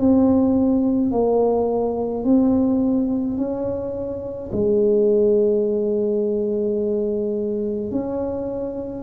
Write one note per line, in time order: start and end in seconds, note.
0.00 1.12 C4
1.12 2.24 A#3
2.24 3.37 C4
3.37 4.50 C#4
4.52 7.91 G#3
7.91 9.03 C#4